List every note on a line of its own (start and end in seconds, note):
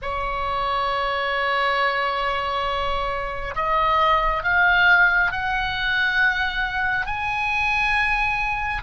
0.02 3.55 C#5
3.55 4.43 D#5
4.43 5.31 F5
5.31 7.06 F#5
7.06 8.82 G#5